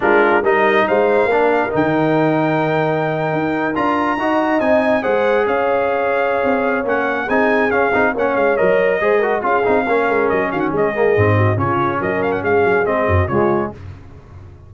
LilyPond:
<<
  \new Staff \with { instrumentName = "trumpet" } { \time 4/4 \tempo 4 = 140 ais'4 dis''4 f''2 | g''1~ | g''8. ais''2 gis''4 fis''16~ | fis''8. f''2.~ f''16 |
fis''4 gis''4 f''4 fis''8 f''8 | dis''2 f''2 | dis''8 f''16 fis''16 dis''2 cis''4 | dis''8 f''16 fis''16 f''4 dis''4 cis''4 | }
  \new Staff \with { instrumentName = "horn" } { \time 4/4 f'4 ais'4 c''4 ais'4~ | ais'1~ | ais'4.~ ais'16 dis''2 c''16~ | c''8. cis''2.~ cis''16~ |
cis''4 gis'2 cis''4~ | cis''4 c''8 ais'8 gis'4 ais'4~ | ais'8 fis'8 gis'4. fis'8 f'4 | ais'4 gis'4. fis'8 f'4 | }
  \new Staff \with { instrumentName = "trombone" } { \time 4/4 d'4 dis'2 d'4 | dis'1~ | dis'8. f'4 fis'4 dis'4 gis'16~ | gis'1 |
cis'4 dis'4 cis'8 dis'8 cis'4 | ais'4 gis'8 fis'8 f'8 dis'8 cis'4~ | cis'4. ais8 c'4 cis'4~ | cis'2 c'4 gis4 | }
  \new Staff \with { instrumentName = "tuba" } { \time 4/4 gis4 g4 gis4 ais4 | dis2.~ dis8. dis'16~ | dis'8. d'4 dis'4 c'4 gis16~ | gis8. cis'2~ cis'16 c'4 |
ais4 c'4 cis'8 c'8 ais8 gis8 | fis4 gis4 cis'8 c'8 ais8 gis8 | fis8 dis8 gis4 gis,4 cis4 | fis4 gis8 fis8 gis8 fis,8 cis4 | }
>>